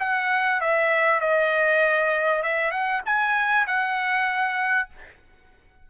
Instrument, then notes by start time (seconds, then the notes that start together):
trumpet
0.00 F#5
0.61 E5
1.21 D#5
2.43 E5
2.71 F#5
3.06 G#5
3.67 F#5